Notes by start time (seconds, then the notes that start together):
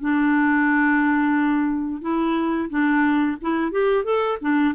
0.00 D4
2.01 E4
2.69 D4
3.41 E4
3.71 G4
4.04 A4
4.41 D4